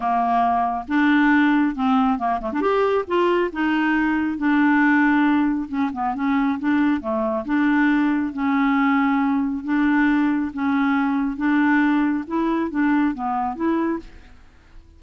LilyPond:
\new Staff \with { instrumentName = "clarinet" } { \time 4/4 \tempo 4 = 137 ais2 d'2 | c'4 ais8 a16 d'16 g'4 f'4 | dis'2 d'2~ | d'4 cis'8 b8 cis'4 d'4 |
a4 d'2 cis'4~ | cis'2 d'2 | cis'2 d'2 | e'4 d'4 b4 e'4 | }